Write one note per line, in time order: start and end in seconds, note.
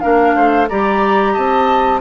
0.00 0.35 A#3
0.00 0.68 D4
0.00 0.35 A#4
0.00 0.67 F5
0.35 0.69 A3
0.35 0.68 C5
0.69 1.37 G3
0.69 2.01 G4
0.69 1.33 D5
0.69 1.33 A#5
1.33 2.01 C4
1.33 2.00 D#5
1.33 2.00 A5